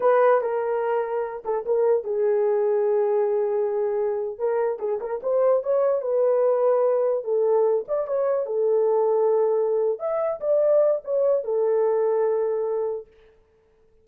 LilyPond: \new Staff \with { instrumentName = "horn" } { \time 4/4 \tempo 4 = 147 b'4 ais'2~ ais'8 a'8 | ais'4 gis'2.~ | gis'2~ gis'8. ais'4 gis'16~ | gis'16 ais'8 c''4 cis''4 b'4~ b'16~ |
b'4.~ b'16 a'4. d''8 cis''16~ | cis''8. a'2.~ a'16~ | a'8 e''4 d''4. cis''4 | a'1 | }